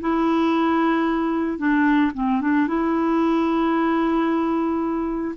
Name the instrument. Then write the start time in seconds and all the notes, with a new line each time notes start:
clarinet
0.00 E4
1.58 D4
2.14 C4
2.41 D4
2.67 E4